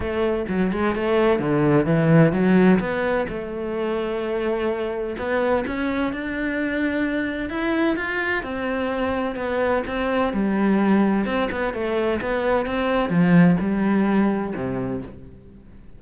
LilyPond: \new Staff \with { instrumentName = "cello" } { \time 4/4 \tempo 4 = 128 a4 fis8 gis8 a4 d4 | e4 fis4 b4 a4~ | a2. b4 | cis'4 d'2. |
e'4 f'4 c'2 | b4 c'4 g2 | c'8 b8 a4 b4 c'4 | f4 g2 c4 | }